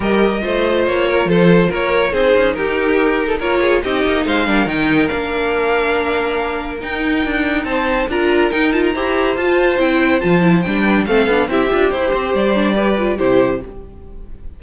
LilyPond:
<<
  \new Staff \with { instrumentName = "violin" } { \time 4/4 \tempo 4 = 141 dis''2 cis''4 c''4 | cis''4 c''4 ais'2 | cis''4 dis''4 f''4 g''4 | f''1 |
g''2 a''4 ais''4 | g''8 a''16 ais''4~ ais''16 a''4 g''4 | a''4 g''4 f''4 e''4 | c''4 d''2 c''4 | }
  \new Staff \with { instrumentName = "violin" } { \time 4/4 ais'4 c''4. ais'8 a'4 | ais'4 gis'4 g'4.~ g'16 a'16 | ais'8 gis'8 g'4 c''8 ais'4.~ | ais'1~ |
ais'2 c''4 ais'4~ | ais'4 c''2.~ | c''4. b'8 a'4 g'4~ | g'8 c''4. b'4 g'4 | }
  \new Staff \with { instrumentName = "viola" } { \time 4/4 g'4 f'2.~ | f'4 dis'2. | f'4 dis'4. d'8 dis'4 | d'1 |
dis'2. f'4 | dis'8 f'8 g'4 f'4 e'4 | f'8 e'8 d'4 c'8 d'8 e'8 f'8 | g'4. d'8 g'8 f'8 e'4 | }
  \new Staff \with { instrumentName = "cello" } { \time 4/4 g4 a4 ais4 f4 | ais4 c'8 cis'8 dis'2 | ais4 c'8 ais8 gis8 g8 dis4 | ais1 |
dis'4 d'4 c'4 d'4 | dis'4 e'4 f'4 c'4 | f4 g4 a8 b8 c'8 d'8 | e'8 c'8 g2 c4 | }
>>